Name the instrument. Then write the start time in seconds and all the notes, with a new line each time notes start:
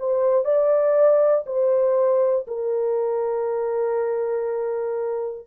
horn
0.00 C5
0.45 D5
1.46 C5
2.48 A#4